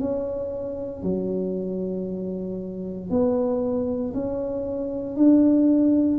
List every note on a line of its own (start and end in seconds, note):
0.00 1.03 C#4
1.03 3.10 F#3
3.10 4.14 B3
4.14 5.17 C#4
5.17 6.19 D4